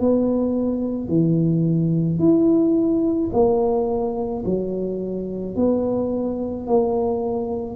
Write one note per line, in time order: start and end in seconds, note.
0.00 1.08 B3
1.08 2.19 E3
2.19 3.30 E4
3.33 4.44 A#3
4.45 5.56 F#3
5.56 6.67 B3
6.67 7.76 A#3